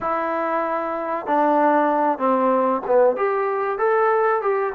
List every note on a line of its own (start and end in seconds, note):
0.00 1.26 E4
1.26 2.18 D4
2.18 2.81 C4
2.87 3.16 B3
3.16 3.78 G4
3.78 4.41 A4
4.41 4.73 G4